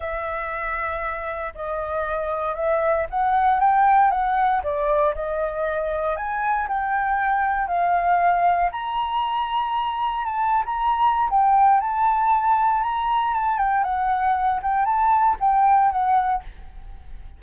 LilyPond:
\new Staff \with { instrumentName = "flute" } { \time 4/4 \tempo 4 = 117 e''2. dis''4~ | dis''4 e''4 fis''4 g''4 | fis''4 d''4 dis''2 | gis''4 g''2 f''4~ |
f''4 ais''2. | a''8. ais''4~ ais''16 g''4 a''4~ | a''4 ais''4 a''8 g''8 fis''4~ | fis''8 g''8 a''4 g''4 fis''4 | }